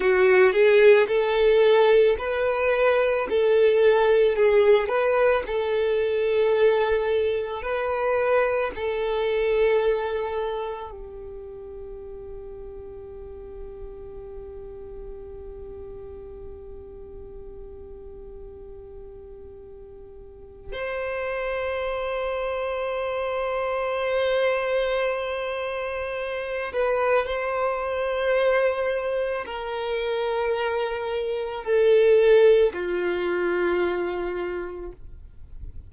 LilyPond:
\new Staff \with { instrumentName = "violin" } { \time 4/4 \tempo 4 = 55 fis'8 gis'8 a'4 b'4 a'4 | gis'8 b'8 a'2 b'4 | a'2 g'2~ | g'1~ |
g'2. c''4~ | c''1~ | c''8 b'8 c''2 ais'4~ | ais'4 a'4 f'2 | }